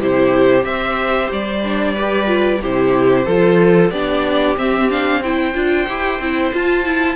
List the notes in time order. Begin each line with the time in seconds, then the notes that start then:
0.00 C3 E4 G4 C5
0.62 C4 G4 C5 E5
1.32 G3 D5
1.64 D4
1.95 G4 B4
2.26 F4
2.62 C3 E4 G4 C5
3.26 F3 F4 A4
3.91 B3 D4 G4 D5
4.57 C4 E5
4.90 D4 F5
5.22 E4 C5 G5
5.54 D4 F4
5.88 E4 G4
6.20 C4 E4
6.54 F4 A5
6.85 E4